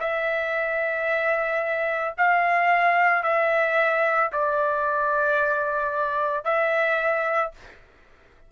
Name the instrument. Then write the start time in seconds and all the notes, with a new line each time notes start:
trumpet
0.00 E5
2.18 F5
3.23 E5
4.32 D5
6.44 E5